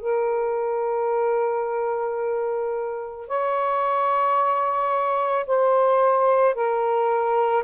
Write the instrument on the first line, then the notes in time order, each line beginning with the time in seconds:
saxophone
0.00 A#4
3.27 C#5
5.46 C5
6.55 A#4